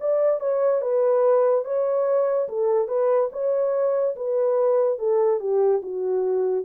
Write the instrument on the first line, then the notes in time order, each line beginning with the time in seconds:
horn
0.00 D5
0.40 C#5
0.81 B4
1.64 C#5
2.48 A4
2.88 B4
3.32 C#5
4.16 B4
4.98 A4
5.40 G4
5.82 F#4